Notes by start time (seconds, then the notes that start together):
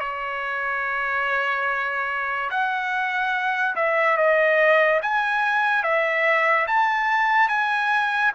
0.00 C#5
2.50 F#5
3.76 E5
4.17 D#5
5.02 G#5
5.83 E5
6.67 A5
7.48 G#5